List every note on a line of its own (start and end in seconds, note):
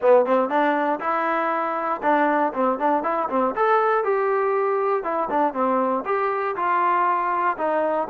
0.01 0.25 B3
0.25 0.49 C4
0.49 0.99 D4
1.00 2.01 E4
2.02 2.52 D4
2.53 2.78 C4
2.78 3.03 D4
3.03 3.28 E4
3.29 3.54 C4
3.55 4.03 A4
4.03 5.03 G4
5.03 5.28 E4
5.29 5.53 D4
5.53 6.03 C4
6.05 6.55 G4
6.55 7.56 F4
7.57 8.08 D#4